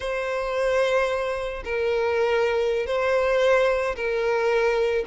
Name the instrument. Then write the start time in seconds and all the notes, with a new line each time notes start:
violin
0.00 C5
1.64 A#4
2.86 C5
3.95 A#4